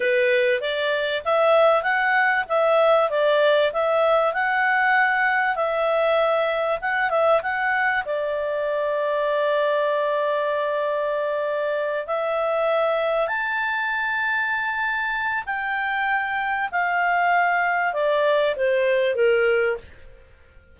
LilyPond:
\new Staff \with { instrumentName = "clarinet" } { \time 4/4 \tempo 4 = 97 b'4 d''4 e''4 fis''4 | e''4 d''4 e''4 fis''4~ | fis''4 e''2 fis''8 e''8 | fis''4 d''2.~ |
d''2.~ d''8 e''8~ | e''4. a''2~ a''8~ | a''4 g''2 f''4~ | f''4 d''4 c''4 ais'4 | }